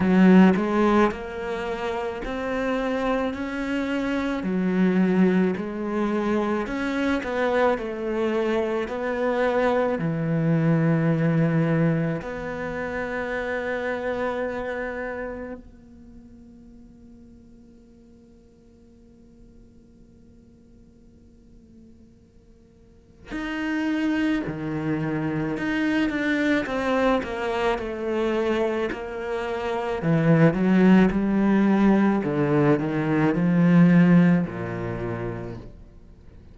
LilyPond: \new Staff \with { instrumentName = "cello" } { \time 4/4 \tempo 4 = 54 fis8 gis8 ais4 c'4 cis'4 | fis4 gis4 cis'8 b8 a4 | b4 e2 b4~ | b2 ais2~ |
ais1~ | ais4 dis'4 dis4 dis'8 d'8 | c'8 ais8 a4 ais4 e8 fis8 | g4 d8 dis8 f4 ais,4 | }